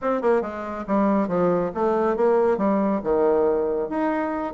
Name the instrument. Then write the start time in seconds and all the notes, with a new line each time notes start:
bassoon
0.01 C4
0.21 A#3
0.41 G#3
0.87 G3
1.28 F3
1.74 A3
2.16 A#3
2.57 G3
3.03 D#3
3.89 D#4